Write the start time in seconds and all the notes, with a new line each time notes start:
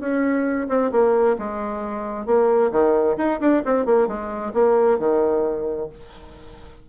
0.00 C#4
0.69 C4
0.91 A#3
1.38 G#3
2.26 A#3
2.71 D#3
3.17 D#4
3.40 D4
3.65 C4
3.86 A#3
4.07 G#3
4.54 A#3
4.99 D#3